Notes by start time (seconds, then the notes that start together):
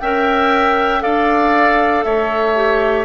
0.00 C#4 A#4 E5 G5
1.00 D4 A4 D5 F5
2.04 A3 C#5 E5
2.55 G4